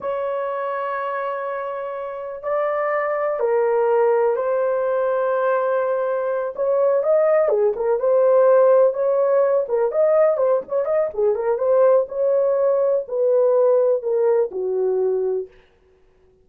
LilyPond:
\new Staff \with { instrumentName = "horn" } { \time 4/4 \tempo 4 = 124 cis''1~ | cis''4 d''2 ais'4~ | ais'4 c''2.~ | c''4. cis''4 dis''4 gis'8 |
ais'8 c''2 cis''4. | ais'8 dis''4 c''8 cis''8 dis''8 gis'8 ais'8 | c''4 cis''2 b'4~ | b'4 ais'4 fis'2 | }